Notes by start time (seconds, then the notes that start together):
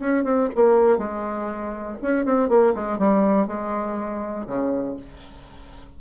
0.00 C#4
0.24 C4
0.56 A#3
0.98 G#3
2.02 C#4
2.26 C4
2.49 A#3
2.75 G#3
2.99 G3
3.48 G#3
4.47 C#3